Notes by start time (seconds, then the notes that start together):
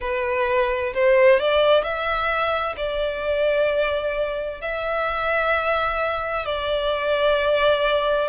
0.00 B4
0.94 C5
1.39 D5
1.83 E5
2.77 D5
4.61 E5
6.45 D5